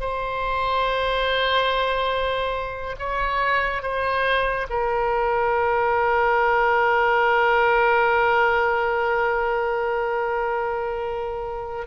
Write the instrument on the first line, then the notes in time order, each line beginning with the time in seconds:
oboe
0.00 C5
2.99 C#5
3.83 C5
4.70 A#4